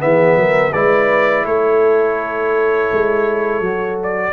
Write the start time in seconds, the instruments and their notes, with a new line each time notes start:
0.00 tuba E3, trombone B3, horn G#4, trumpet E5
0.36 tuba F#3, horn A#4
0.71 tuba G#3, trombone E4, horn B4, trumpet D5
1.44 tuba A3, horn A4, trumpet C#5
2.92 tuba G#3
3.61 tuba F#3, trombone F#4
4.03 trumpet D5